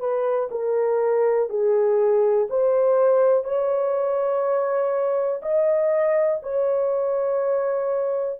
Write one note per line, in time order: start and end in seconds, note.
0.00 0.49 B4
0.51 1.50 A#4
1.50 2.48 G#4
2.50 3.44 C5
3.44 5.41 C#5
5.43 6.41 D#5
6.43 8.40 C#5